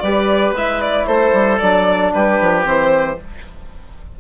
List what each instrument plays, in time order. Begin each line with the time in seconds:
0.00 bassoon G3, trombone G4, oboe B4, violin D5
0.52 bassoon G#3, trombone E4, violin E5
0.81 violin D5
1.07 bassoon A3, oboe A4, violin C5
1.33 bassoon G3
1.59 bassoon F#3, trombone D4, violin D5
2.14 bassoon G3, oboe G4, violin B4
2.41 bassoon F3
2.64 bassoon E3, trombone C4, violin C5